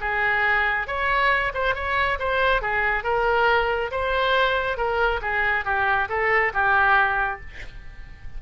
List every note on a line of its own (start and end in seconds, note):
0.00 0.87 G#4
0.87 1.52 C#5
1.54 1.75 C5
1.75 2.18 C#5
2.19 2.61 C5
2.61 3.03 G#4
3.03 3.90 A#4
3.91 4.77 C5
4.77 5.20 A#4
5.21 5.64 G#4
5.64 6.08 G4
6.09 6.52 A4
6.53 7.40 G4